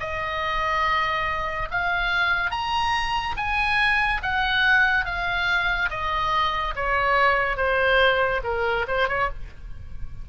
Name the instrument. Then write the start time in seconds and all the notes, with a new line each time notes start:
oboe
0.00 D#5
1.71 F5
2.51 A#5
3.37 G#5
4.23 F#5
5.05 F5
5.90 D#5
6.76 C#5
7.57 C5
8.44 A#4
8.88 C5
9.08 C#5